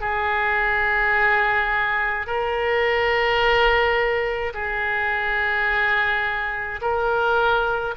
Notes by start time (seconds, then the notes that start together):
0.00 G#4
2.26 A#4
4.53 G#4
6.81 A#4